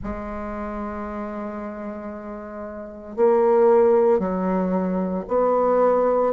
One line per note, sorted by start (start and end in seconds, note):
0.03 3.16 G#3
3.16 4.19 A#3
4.19 5.24 F#3
5.27 6.33 B3